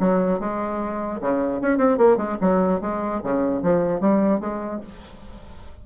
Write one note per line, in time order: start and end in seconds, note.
0.00 0.40 F#3
0.40 1.20 G#3
1.21 1.61 C#3
1.61 1.78 C#4
1.78 1.98 C4
1.98 2.17 A#3
2.17 2.37 G#3
2.41 2.81 F#3
2.81 3.21 G#3
3.24 3.63 C#3
3.63 4.01 F3
4.01 4.40 G3
4.40 4.81 G#3